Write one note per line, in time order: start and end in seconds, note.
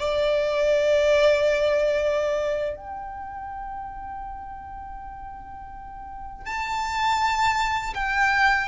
0.00 2.76 D5
2.76 6.46 G5
6.46 7.94 A5
7.95 8.69 G5